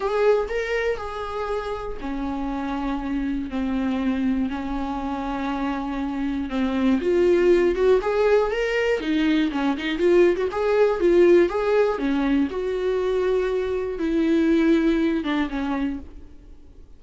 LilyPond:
\new Staff \with { instrumentName = "viola" } { \time 4/4 \tempo 4 = 120 gis'4 ais'4 gis'2 | cis'2. c'4~ | c'4 cis'2.~ | cis'4 c'4 f'4. fis'8 |
gis'4 ais'4 dis'4 cis'8 dis'8 | f'8. fis'16 gis'4 f'4 gis'4 | cis'4 fis'2. | e'2~ e'8 d'8 cis'4 | }